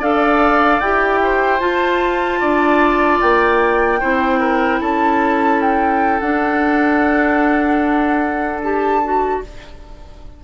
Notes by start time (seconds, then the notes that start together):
0.00 D4 A4 D5 F5
0.80 E4 G4 G5
1.24 C5
1.60 F4 A5
2.40 D4 D5
3.21 A#3 G5
4.00 C4 E4 C5
4.40 A#4
4.81 C#4 A4 A5
5.62 G5
6.20 D4 F#5
8.63 G4 A5
9.04 F#4